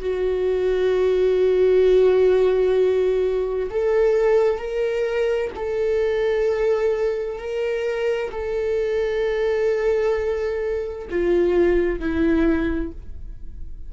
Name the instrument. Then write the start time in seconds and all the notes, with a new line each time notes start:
viola
0.00 F#4
3.70 A4
4.58 A#4
5.55 A4
7.38 A#4
8.31 A4
11.09 F4
12.00 E4